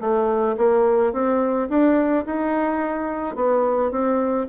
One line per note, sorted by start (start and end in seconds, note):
0.00 0.56 A3
0.57 1.12 A#3
1.12 1.68 C4
1.69 2.24 D4
2.25 3.35 D#4
3.35 3.91 B3
3.91 4.46 C4